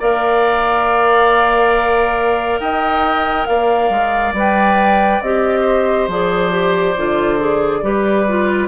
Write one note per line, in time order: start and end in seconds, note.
0.00 2.60 A#3
0.00 4.35 A#4
0.00 2.61 D5
0.00 2.60 F5
2.60 3.47 D#4
2.60 3.48 D#5
2.60 3.46 G5
3.46 3.90 A#3
3.46 5.61 D5
3.46 4.33 F5
3.90 4.33 G#3
4.33 5.20 G3
4.33 5.23 B4
4.33 5.22 G5
5.22 6.08 C4
5.22 6.11 G4
5.22 6.09 D#5
5.61 7.78 C5
6.08 6.95 F3
6.08 6.51 G#4
6.08 8.68 D5
6.51 6.95 G4
6.97 7.83 D3
6.97 7.39 F4
7.39 7.83 G#4
7.83 8.68 G3
7.83 8.26 G4
7.83 8.68 B4
8.28 8.68 F4